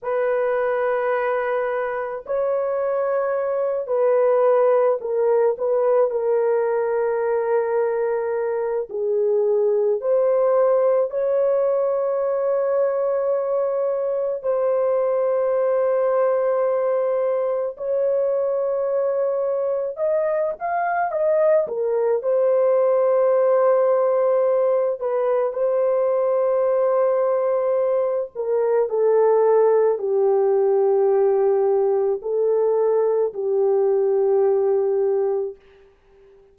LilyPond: \new Staff \with { instrumentName = "horn" } { \time 4/4 \tempo 4 = 54 b'2 cis''4. b'8~ | b'8 ais'8 b'8 ais'2~ ais'8 | gis'4 c''4 cis''2~ | cis''4 c''2. |
cis''2 dis''8 f''8 dis''8 ais'8 | c''2~ c''8 b'8 c''4~ | c''4. ais'8 a'4 g'4~ | g'4 a'4 g'2 | }